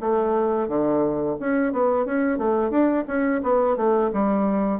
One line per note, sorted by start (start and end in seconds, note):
0.00 0.68 A3
0.68 1.36 D3
1.39 1.72 C#4
1.72 2.05 B3
2.05 2.38 C#4
2.38 2.70 A3
2.70 3.04 D4
3.07 3.41 C#4
3.42 3.76 B3
3.76 4.10 A3
4.12 4.80 G3